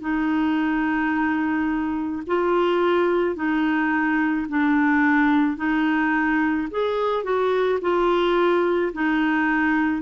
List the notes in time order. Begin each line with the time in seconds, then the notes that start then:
0.00 D#4
2.27 F4
3.35 D#4
4.49 D4
5.57 D#4
6.71 G#4
7.24 F#4
7.81 F4
8.93 D#4